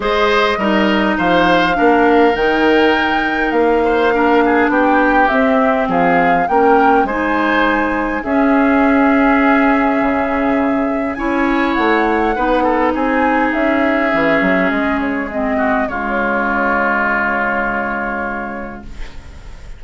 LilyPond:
<<
  \new Staff \with { instrumentName = "flute" } { \time 4/4 \tempo 4 = 102 dis''2 f''2 | g''2 f''2 | g''4 e''4 f''4 g''4 | gis''2 e''2~ |
e''2. gis''4 | fis''2 gis''4 e''4~ | e''4 dis''8 cis''8 dis''4 cis''4~ | cis''1 | }
  \new Staff \with { instrumentName = "oboe" } { \time 4/4 c''4 ais'4 c''4 ais'4~ | ais'2~ ais'8 c''8 ais'8 gis'8 | g'2 gis'4 ais'4 | c''2 gis'2~ |
gis'2. cis''4~ | cis''4 b'8 a'8 gis'2~ | gis'2~ gis'8 fis'8 f'4~ | f'1 | }
  \new Staff \with { instrumentName = "clarinet" } { \time 4/4 gis'4 dis'2 d'4 | dis'2. d'4~ | d'4 c'2 cis'4 | dis'2 cis'2~ |
cis'2. e'4~ | e'4 dis'2. | cis'2 c'4 gis4~ | gis1 | }
  \new Staff \with { instrumentName = "bassoon" } { \time 4/4 gis4 g4 f4 ais4 | dis2 ais2 | b4 c'4 f4 ais4 | gis2 cis'2~ |
cis'4 cis2 cis'4 | a4 b4 c'4 cis'4 | e8 fis8 gis2 cis4~ | cis1 | }
>>